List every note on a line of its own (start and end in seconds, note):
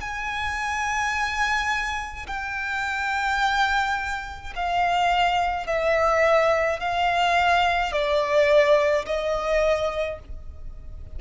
0.00 2.26 G#5
2.27 4.53 G5
4.55 5.67 F5
5.67 6.80 E5
6.80 7.92 F5
7.92 9.05 D5
9.06 10.19 D#5